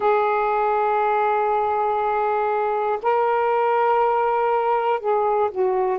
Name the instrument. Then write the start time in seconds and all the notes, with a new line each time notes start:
saxophone
0.00 G#4
3.02 A#4
5.00 G#4
5.50 F#4